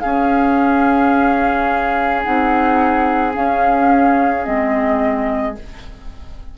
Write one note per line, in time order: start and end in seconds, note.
0.00 2.26 C#4
0.00 2.24 C#4
0.00 5.57 G#4
0.00 2.22 F5
2.23 3.36 C4
2.23 3.33 D#4
2.23 3.34 F#5
3.33 4.43 C#4
3.33 4.47 C#4
3.33 4.44 F5
4.43 5.58 G#3
4.43 5.54 C4
4.43 5.55 D#5